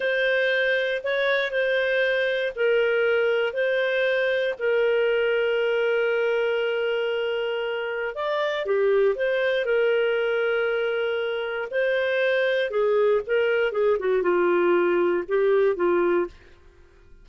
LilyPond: \new Staff \with { instrumentName = "clarinet" } { \time 4/4 \tempo 4 = 118 c''2 cis''4 c''4~ | c''4 ais'2 c''4~ | c''4 ais'2.~ | ais'1 |
d''4 g'4 c''4 ais'4~ | ais'2. c''4~ | c''4 gis'4 ais'4 gis'8 fis'8 | f'2 g'4 f'4 | }